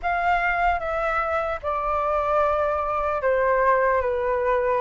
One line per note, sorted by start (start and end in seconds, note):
0.02 0.79 F5
0.79 1.59 E5
1.62 3.21 D5
3.21 4.01 C5
4.01 4.81 B4